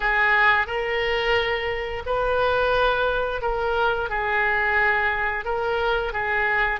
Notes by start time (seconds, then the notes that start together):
0.00 G#4
0.67 A#4
2.05 B4
3.41 A#4
4.09 G#4
5.45 A#4
6.12 G#4